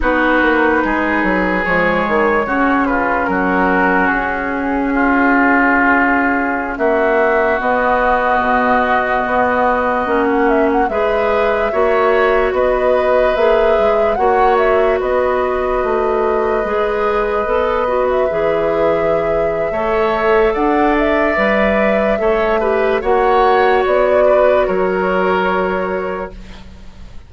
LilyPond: <<
  \new Staff \with { instrumentName = "flute" } { \time 4/4 \tempo 4 = 73 b'2 cis''4. b'8 | ais'4 gis'2.~ | gis'16 e''4 dis''2~ dis''8.~ | dis''8 fis''16 e''16 fis''16 e''2 dis''8.~ |
dis''16 e''4 fis''8 e''8 dis''4.~ dis''16~ | dis''2 e''2~ | e''4 fis''8 e''2~ e''8 | fis''4 d''4 cis''2 | }
  \new Staff \with { instrumentName = "oboe" } { \time 4/4 fis'4 gis'2 fis'8 f'8 | fis'2 f'2~ | f'16 fis'2.~ fis'8.~ | fis'4~ fis'16 b'4 cis''4 b'8.~ |
b'4~ b'16 cis''4 b'4.~ b'16~ | b'1 | cis''4 d''2 cis''8 b'8 | cis''4. b'8 ais'2 | }
  \new Staff \with { instrumentName = "clarinet" } { \time 4/4 dis'2 gis4 cis'4~ | cis'1~ | cis'4~ cis'16 b2~ b8.~ | b16 cis'4 gis'4 fis'4.~ fis'16~ |
fis'16 gis'4 fis'2~ fis'8.~ | fis'16 gis'4 a'8 fis'8 gis'4.~ gis'16 | a'2 b'4 a'8 g'8 | fis'1 | }
  \new Staff \with { instrumentName = "bassoon" } { \time 4/4 b8 ais8 gis8 fis8 f8 dis8 cis4 | fis4 cis'2.~ | cis'16 ais4 b4 b,4 b8.~ | b16 ais4 gis4 ais4 b8.~ |
b16 ais8 gis8 ais4 b4 a8.~ | a16 gis4 b4 e4.~ e16 | a4 d'4 g4 a4 | ais4 b4 fis2 | }
>>